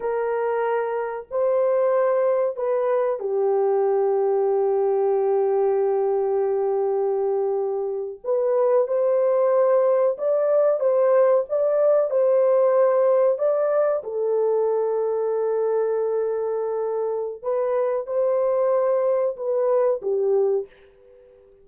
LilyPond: \new Staff \with { instrumentName = "horn" } { \time 4/4 \tempo 4 = 93 ais'2 c''2 | b'4 g'2.~ | g'1~ | g'8. b'4 c''2 d''16~ |
d''8. c''4 d''4 c''4~ c''16~ | c''8. d''4 a'2~ a'16~ | a'2. b'4 | c''2 b'4 g'4 | }